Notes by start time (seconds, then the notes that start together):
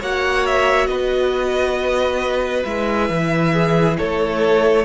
0.00 A#3 F#4 C#5 F#5
0.47 E5
0.87 B3 B4 D#5
2.65 G#3 E4 E5
3.10 E3
3.53 G#4
3.98 A3 A4 C#5